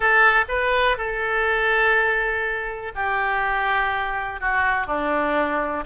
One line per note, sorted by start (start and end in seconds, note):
0.00 0.45 A4
0.48 0.97 B4
0.97 2.92 A4
2.95 4.40 G4
4.40 4.86 F#4
4.86 5.84 D4